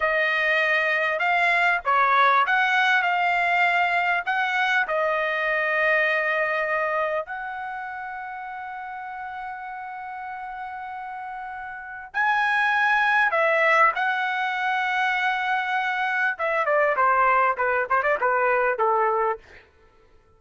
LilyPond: \new Staff \with { instrumentName = "trumpet" } { \time 4/4 \tempo 4 = 99 dis''2 f''4 cis''4 | fis''4 f''2 fis''4 | dis''1 | fis''1~ |
fis''1 | gis''2 e''4 fis''4~ | fis''2. e''8 d''8 | c''4 b'8 c''16 d''16 b'4 a'4 | }